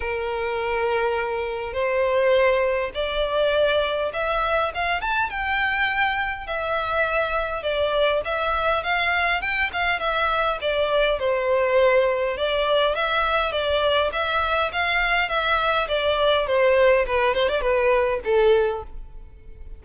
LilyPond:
\new Staff \with { instrumentName = "violin" } { \time 4/4 \tempo 4 = 102 ais'2. c''4~ | c''4 d''2 e''4 | f''8 a''8 g''2 e''4~ | e''4 d''4 e''4 f''4 |
g''8 f''8 e''4 d''4 c''4~ | c''4 d''4 e''4 d''4 | e''4 f''4 e''4 d''4 | c''4 b'8 c''16 d''16 b'4 a'4 | }